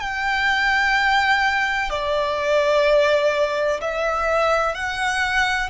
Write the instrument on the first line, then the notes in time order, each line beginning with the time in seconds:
violin
0.00 G5
1.90 D5
3.81 E5
4.74 F#5